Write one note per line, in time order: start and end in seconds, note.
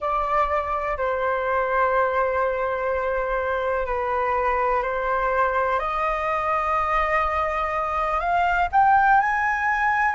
0.00 0.97 D5
0.97 3.86 C5
3.86 4.82 B4
4.82 5.79 C5
5.79 8.20 D#5
8.20 8.68 F5
8.71 9.20 G5
9.20 10.14 G#5